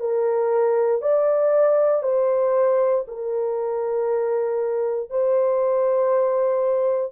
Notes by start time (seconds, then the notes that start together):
0.00 A#4
1.01 D5
2.02 C5
3.07 A#4
5.10 C5